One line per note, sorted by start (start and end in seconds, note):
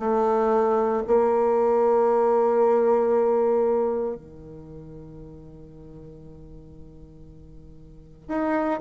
0.00 1.03 A3
1.07 4.16 A#3
4.16 8.29 D#3
8.29 8.80 D#4